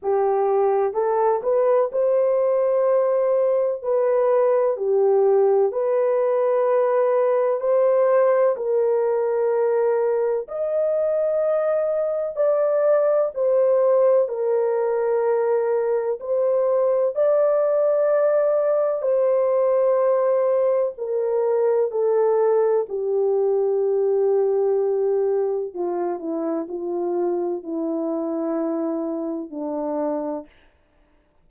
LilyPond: \new Staff \with { instrumentName = "horn" } { \time 4/4 \tempo 4 = 63 g'4 a'8 b'8 c''2 | b'4 g'4 b'2 | c''4 ais'2 dis''4~ | dis''4 d''4 c''4 ais'4~ |
ais'4 c''4 d''2 | c''2 ais'4 a'4 | g'2. f'8 e'8 | f'4 e'2 d'4 | }